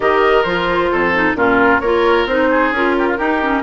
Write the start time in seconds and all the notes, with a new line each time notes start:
0.00 D#3 G4 A#4 D#5
0.43 F3 F4 C5
0.91 F2 A4
1.14 D#4
1.35 A#2 C#4 F4 A#4
1.80 A#3 F4 A#4 C#5
2.25 C4 D#4 C5
2.50 G#4
2.71 C#4 F4 A#4
2.98 G4
3.08 F4
3.17 D#4 G4
3.41 C#4